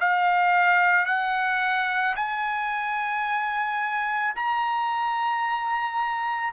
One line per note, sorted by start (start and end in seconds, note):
0.00 1.06 F5
1.06 2.15 F#5
2.16 4.34 G#5
4.35 6.53 A#5